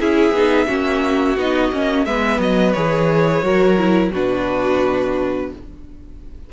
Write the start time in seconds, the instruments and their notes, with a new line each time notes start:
0.00 cello C#4, viola E4, violin G#4 E5
0.32 cello B3, viola D#4
0.67 cello A#3, viola C#4, violin F#4
1.37 cello B3, viola D#4, violin D#5
1.73 cello A#3, viola C#4
2.05 cello G#3, viola B3, violin B4 E5
2.39 cello F#3, violin D#5
2.73 cello E3, viola G#4, violin C#5
3.43 cello F#3, viola F#4, violin A#4
3.78 viola E4
4.12 cello B2, viola D4, violin F#4 B4